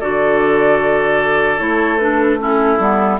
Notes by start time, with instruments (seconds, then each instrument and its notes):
0.00 bassoon D3, clarinet F#4, oboe A4, flute D5
1.59 bassoon A3, clarinet E4, flute C#5
1.99 clarinet D4, flute B4
2.39 clarinet C#4, oboe E4, flute A4
2.79 bassoon G3, clarinet B3